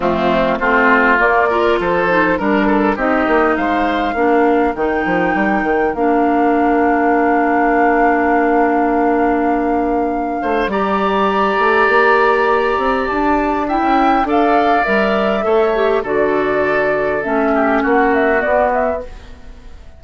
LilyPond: <<
  \new Staff \with { instrumentName = "flute" } { \time 4/4 \tempo 4 = 101 f'4 c''4 d''4 c''4 | ais'4 dis''4 f''2 | g''2 f''2~ | f''1~ |
f''2 ais''2~ | ais''2 a''4 g''4 | f''4 e''2 d''4~ | d''4 e''4 fis''8 e''8 d''8 e''8 | }
  \new Staff \with { instrumentName = "oboe" } { \time 4/4 c'4 f'4. ais'8 a'4 | ais'8 a'8 g'4 c''4 ais'4~ | ais'1~ | ais'1~ |
ais'4. c''8 d''2~ | d''2. e''4 | d''2 cis''4 a'4~ | a'4. g'8 fis'2 | }
  \new Staff \with { instrumentName = "clarinet" } { \time 4/4 a4 c'4 ais8 f'4 dis'8 | d'4 dis'2 d'4 | dis'2 d'2~ | d'1~ |
d'2 g'2~ | g'2. e'4 | a'4 ais'4 a'8 g'8 fis'4~ | fis'4 cis'2 b4 | }
  \new Staff \with { instrumentName = "bassoon" } { \time 4/4 f4 a4 ais4 f4 | g4 c'8 ais8 gis4 ais4 | dis8 f8 g8 dis8 ais2~ | ais1~ |
ais4. a8 g4. a8 | ais4. c'8 d'4~ d'16 cis'8. | d'4 g4 a4 d4~ | d4 a4 ais4 b4 | }
>>